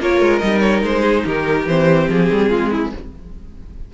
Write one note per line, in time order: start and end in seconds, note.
0.00 0.21 A#3
0.00 0.41 F4
0.00 1.03 A#4
0.00 0.39 C#5
0.21 0.42 G#3
0.39 0.83 G3
0.39 1.66 D#4
0.39 0.60 D#5
0.60 0.81 C#5
0.83 1.25 G#3
0.83 1.27 C5
1.03 1.23 G#4
1.26 1.67 D#3
1.26 2.49 G4
1.26 1.68 A#4
1.67 2.09 E3
1.67 2.94 C4
1.67 2.10 C5
2.09 2.30 F3
2.09 2.94 G#4
2.32 2.51 G3
2.49 2.93 G#3
2.49 2.70 F4
2.71 2.92 E4